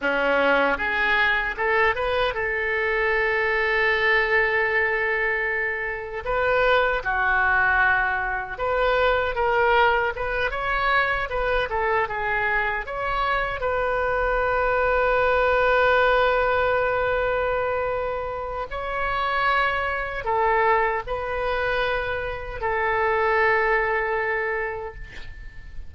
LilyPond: \new Staff \with { instrumentName = "oboe" } { \time 4/4 \tempo 4 = 77 cis'4 gis'4 a'8 b'8 a'4~ | a'1 | b'4 fis'2 b'4 | ais'4 b'8 cis''4 b'8 a'8 gis'8~ |
gis'8 cis''4 b'2~ b'8~ | b'1 | cis''2 a'4 b'4~ | b'4 a'2. | }